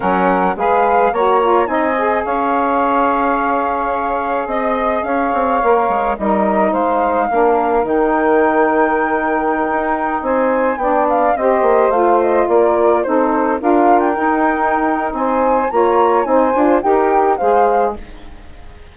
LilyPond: <<
  \new Staff \with { instrumentName = "flute" } { \time 4/4 \tempo 4 = 107 fis''4 f''4 ais''4 gis''4 | f''1 | dis''4 f''2 dis''4 | f''2 g''2~ |
g''2~ g''16 gis''4 g''8 f''16~ | f''16 dis''4 f''8 dis''8 d''4 c''8.~ | c''16 f''8. g''2 gis''4 | ais''4 gis''4 g''4 f''4 | }
  \new Staff \with { instrumentName = "saxophone" } { \time 4/4 ais'4 b'4 cis''4 dis''4 | cis''1 | dis''4 cis''2 ais'4 | c''4 ais'2.~ |
ais'2~ ais'16 c''4 d''8.~ | d''16 c''2 ais'4 a'8.~ | a'16 ais'2~ ais'8. c''4 | cis''4 c''4 ais'4 c''4 | }
  \new Staff \with { instrumentName = "saxophone" } { \time 4/4 cis'4 gis'4 fis'8 f'8 dis'8 gis'8~ | gis'1~ | gis'2 ais'4 dis'4~ | dis'4 d'4 dis'2~ |
dis'2.~ dis'16 d'8.~ | d'16 g'4 f'2 dis'8.~ | dis'16 f'4 dis'2~ dis'8. | f'4 dis'8 f'8 g'4 gis'4 | }
  \new Staff \with { instrumentName = "bassoon" } { \time 4/4 fis4 gis4 ais4 c'4 | cis'1 | c'4 cis'8 c'8 ais8 gis8 g4 | gis4 ais4 dis2~ |
dis4~ dis16 dis'4 c'4 b8.~ | b16 c'8 ais8 a4 ais4 c'8.~ | c'16 d'4 dis'4.~ dis'16 c'4 | ais4 c'8 d'8 dis'4 gis4 | }
>>